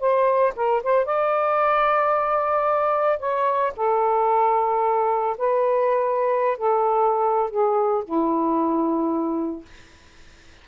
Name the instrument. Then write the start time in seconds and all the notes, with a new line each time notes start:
saxophone
0.00 C5
0.56 A#4
0.83 C5
1.06 D5
3.20 C#5
3.76 A4
5.38 B4
6.57 A4
7.51 G#4
8.05 E4